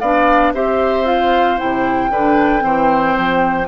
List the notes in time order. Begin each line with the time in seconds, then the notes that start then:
0.00 B3 D4 D5 F5
0.53 C4 G4 C5 E5
1.05 F4 F5
1.58 C3 E4 G5
2.10 D3 D4 B4
2.60 E3 C4 C5
3.17 F3